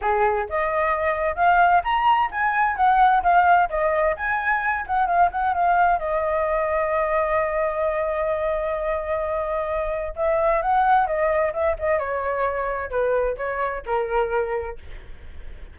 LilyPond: \new Staff \with { instrumentName = "flute" } { \time 4/4 \tempo 4 = 130 gis'4 dis''2 f''4 | ais''4 gis''4 fis''4 f''4 | dis''4 gis''4. fis''8 f''8 fis''8 | f''4 dis''2.~ |
dis''1~ | dis''2 e''4 fis''4 | dis''4 e''8 dis''8 cis''2 | b'4 cis''4 ais'2 | }